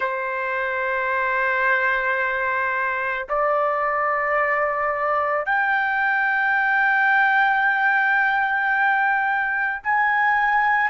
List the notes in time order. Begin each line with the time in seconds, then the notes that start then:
0.00 C5
3.28 D5
5.45 G5
9.83 G#5